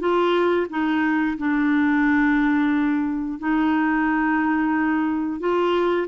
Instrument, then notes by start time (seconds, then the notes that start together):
clarinet
0.00 F4
0.70 D#4
1.38 D4
3.40 D#4
5.40 F4